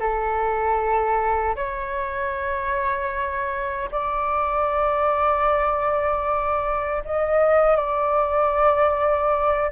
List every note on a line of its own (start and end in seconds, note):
0.00 1.56 A4
1.56 3.90 C#5
3.91 7.03 D5
7.05 7.76 D#5
7.76 9.71 D5